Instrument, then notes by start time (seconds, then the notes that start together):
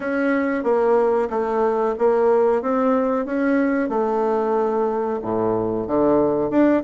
bassoon
0.00 C#4
0.63 A#3
1.30 A3
1.98 A#3
2.61 C4
3.25 C#4
3.89 A3
5.22 A2
5.87 D3
6.50 D4